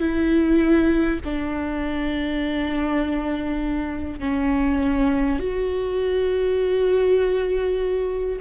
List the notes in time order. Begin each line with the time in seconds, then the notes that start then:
0.00 E4
1.25 D4
4.20 C#4
5.40 F#4